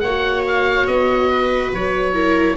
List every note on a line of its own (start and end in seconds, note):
0.00 0.87 A#3
0.00 1.29 C#5
0.00 0.42 F#5
0.07 2.14 F#4
0.47 0.87 F5
0.87 1.72 B3
0.87 1.71 D#5
1.29 2.14 B4
1.73 2.57 F#3
1.73 2.57 C#5
2.14 2.57 E4
2.14 2.57 A#4